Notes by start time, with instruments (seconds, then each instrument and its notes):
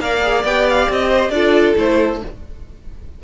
0.00 cello A#3, viola A#4, violin D5 F5
0.22 viola G#4
0.44 cello B3, viola G4, violin G5
0.70 violin F5
0.89 cello C4, violin D#5
1.10 violin C5
1.30 cello D4, viola F4, violin A4 D5
1.76 cello A3, viola E4, violin C5